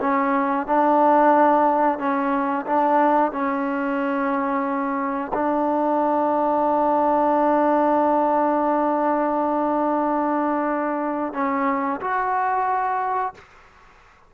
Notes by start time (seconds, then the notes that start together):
0.00 C#4
0.66 D4
1.98 C#4
2.66 D4
3.32 C#4
5.33 D4
11.33 C#4
12.01 F#4